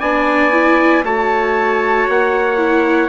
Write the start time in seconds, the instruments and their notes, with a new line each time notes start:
0.00 bassoon B3, viola D4, trumpet D5 G#5
0.52 viola E4
1.03 bassoon A3, viola F#4, trumpet C#5 A5
2.08 bassoon A#3, trumpet F#5
2.57 viola E4